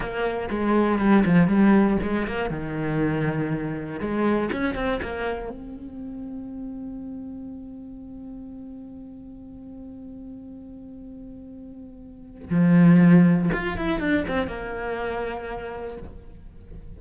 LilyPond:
\new Staff \with { instrumentName = "cello" } { \time 4/4 \tempo 4 = 120 ais4 gis4 g8 f8 g4 | gis8 ais8 dis2. | gis4 cis'8 c'8 ais4 c'4~ | c'1~ |
c'1~ | c'1~ | c'4 f2 f'8 e'8 | d'8 c'8 ais2. | }